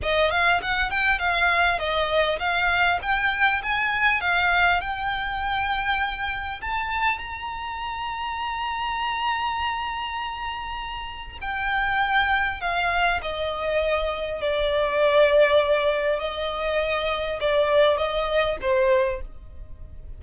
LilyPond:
\new Staff \with { instrumentName = "violin" } { \time 4/4 \tempo 4 = 100 dis''8 f''8 fis''8 g''8 f''4 dis''4 | f''4 g''4 gis''4 f''4 | g''2. a''4 | ais''1~ |
ais''2. g''4~ | g''4 f''4 dis''2 | d''2. dis''4~ | dis''4 d''4 dis''4 c''4 | }